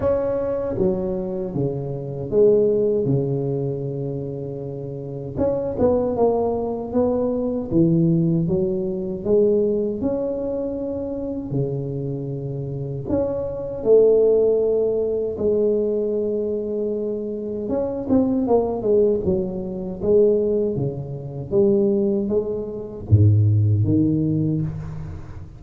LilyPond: \new Staff \with { instrumentName = "tuba" } { \time 4/4 \tempo 4 = 78 cis'4 fis4 cis4 gis4 | cis2. cis'8 b8 | ais4 b4 e4 fis4 | gis4 cis'2 cis4~ |
cis4 cis'4 a2 | gis2. cis'8 c'8 | ais8 gis8 fis4 gis4 cis4 | g4 gis4 gis,4 dis4 | }